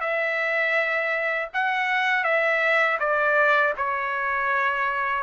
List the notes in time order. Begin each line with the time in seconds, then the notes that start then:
0.00 E5
1.54 F#5
2.24 E5
2.99 D5
3.77 C#5